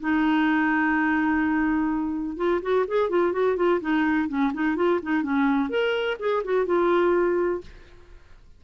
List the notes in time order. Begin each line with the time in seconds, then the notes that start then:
0.00 D#4
2.37 F4
2.62 F#4
2.87 G#4
3.10 F4
3.32 F#4
3.56 F4
3.81 D#4
4.28 C#4
4.54 D#4
4.76 F4
5.02 D#4
5.23 C#4
5.69 A#4
6.19 G#4
6.44 F#4
6.66 F4